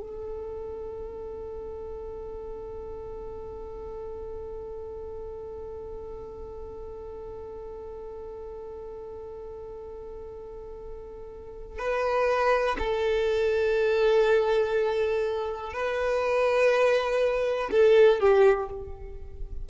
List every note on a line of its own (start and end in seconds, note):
0.00 11.79 A4
11.79 12.77 B4
12.79 15.73 A4
15.73 17.70 B4
17.71 18.20 A4
18.20 18.69 G4